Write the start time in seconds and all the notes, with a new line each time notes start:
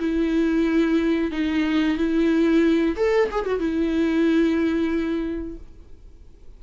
0.00 E4
1.32 D#4
1.98 E4
2.97 A4
3.31 G#4
3.46 F#4
3.60 E4